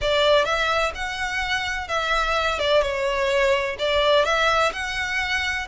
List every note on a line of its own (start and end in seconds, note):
0.01 0.44 D5
0.44 0.92 E5
0.94 1.88 F#5
1.88 2.59 E5
2.59 2.82 D5
2.82 3.76 C#5
3.78 4.24 D5
4.24 4.71 E5
4.72 5.67 F#5